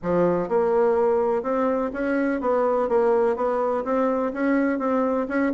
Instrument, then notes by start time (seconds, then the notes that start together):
bassoon
0.02 F3
0.48 A#3
1.42 C4
1.93 C#4
2.40 B3
2.88 A#3
3.36 B3
3.84 C4
4.33 C#4
4.78 C4
5.28 C#4